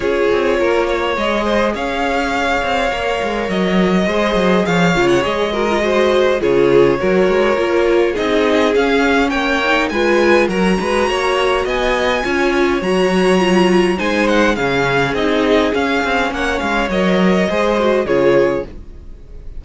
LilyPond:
<<
  \new Staff \with { instrumentName = "violin" } { \time 4/4 \tempo 4 = 103 cis''2 dis''4 f''4~ | f''2 dis''2 | f''8. fis''16 dis''2 cis''4~ | cis''2 dis''4 f''4 |
g''4 gis''4 ais''2 | gis''2 ais''2 | gis''8 fis''8 f''4 dis''4 f''4 | fis''8 f''8 dis''2 cis''4 | }
  \new Staff \with { instrumentName = "violin" } { \time 4/4 gis'4 ais'8 cis''4 c''8 cis''4~ | cis''2. c''4 | cis''4. ais'8 c''4 gis'4 | ais'2 gis'2 |
cis''4 b'4 ais'8 b'8 cis''4 | dis''4 cis''2. | c''4 gis'2. | cis''2 c''4 gis'4 | }
  \new Staff \with { instrumentName = "viola" } { \time 4/4 f'2 gis'2~ | gis'4 ais'2 gis'4~ | gis'8 f'8 gis'8 fis'16 f'16 fis'4 f'4 | fis'4 f'4 dis'4 cis'4~ |
cis'8 dis'8 f'4 fis'2~ | fis'4 f'4 fis'4 f'4 | dis'4 cis'4 dis'4 cis'4~ | cis'4 ais'4 gis'8 fis'8 f'4 | }
  \new Staff \with { instrumentName = "cello" } { \time 4/4 cis'8 c'8 ais4 gis4 cis'4~ | cis'8 c'8 ais8 gis8 fis4 gis8 fis8 | f8 cis8 gis2 cis4 | fis8 gis8 ais4 c'4 cis'4 |
ais4 gis4 fis8 gis8 ais4 | b4 cis'4 fis2 | gis4 cis4 c'4 cis'8 c'8 | ais8 gis8 fis4 gis4 cis4 | }
>>